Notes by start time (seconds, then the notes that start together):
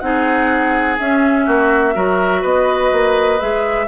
0.00 C4 D#4 G#4 F#5
0.99 C#4 E5
1.46 A#3 F#4
1.94 F#3 F#4 A#4
2.42 B3 B4 D#5
2.92 A#3
3.40 G#3 G#4 E5